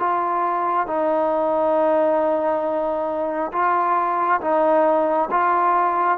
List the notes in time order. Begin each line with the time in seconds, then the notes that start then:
0.00 F4
0.87 D#4
3.53 F4
4.41 D#4
5.31 F4